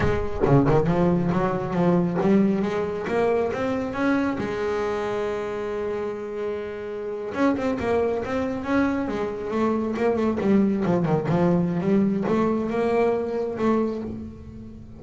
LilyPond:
\new Staff \with { instrumentName = "double bass" } { \time 4/4 \tempo 4 = 137 gis4 cis8 dis8 f4 fis4 | f4 g4 gis4 ais4 | c'4 cis'4 gis2~ | gis1~ |
gis8. cis'8 c'8 ais4 c'4 cis'16~ | cis'8. gis4 a4 ais8 a8 g16~ | g8. f8 dis8 f4~ f16 g4 | a4 ais2 a4 | }